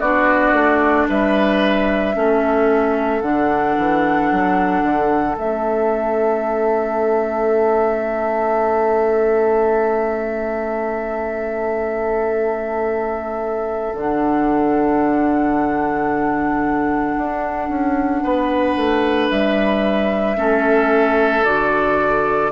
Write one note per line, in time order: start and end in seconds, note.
0.00 0.53 B3
0.00 2.15 D4
0.00 1.07 F#4
0.00 1.08 D5
0.53 1.06 A3
1.09 2.16 G3
1.09 2.16 B4
1.09 3.22 E5
2.15 3.22 A3
2.15 3.22 C#4
2.15 18.23 A4
3.22 3.76 D3
3.22 5.37 D4
3.22 5.36 F#5
3.78 4.31 E3
4.31 4.83 F#3
4.83 5.36 D3
5.37 13.94 A3
5.37 13.94 C#4
5.37 13.96 E5
13.94 17.15 D3
13.94 20.37 D4
13.94 19.30 F#5
17.17 17.69 D4
17.69 18.23 C#4
18.23 18.77 B3
18.23 20.37 B4
18.77 19.30 A3
19.30 20.36 G3
19.30 21.45 E5
20.36 21.44 A3
20.36 21.44 C#4
20.36 22.52 A4
21.45 22.52 D3
21.45 22.52 F#4
21.45 22.52 D5